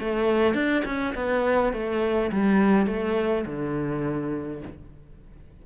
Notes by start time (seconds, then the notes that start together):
0.00 A3
0.55 D4
0.85 C#4
1.15 B3
1.73 A3
2.32 G3
2.87 A3
3.46 D3